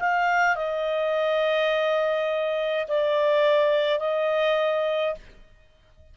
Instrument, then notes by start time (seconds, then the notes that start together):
clarinet
0.00 F5
0.57 D#5
2.89 D5
4.00 D#5